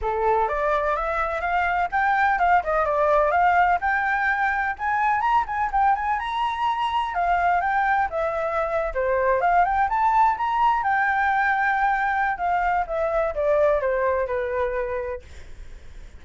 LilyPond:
\new Staff \with { instrumentName = "flute" } { \time 4/4 \tempo 4 = 126 a'4 d''4 e''4 f''4 | g''4 f''8 dis''8 d''4 f''4 | g''2 gis''4 ais''8 gis''8 | g''8 gis''8 ais''2 f''4 |
g''4 e''4.~ e''16 c''4 f''16~ | f''16 g''8 a''4 ais''4 g''4~ g''16~ | g''2 f''4 e''4 | d''4 c''4 b'2 | }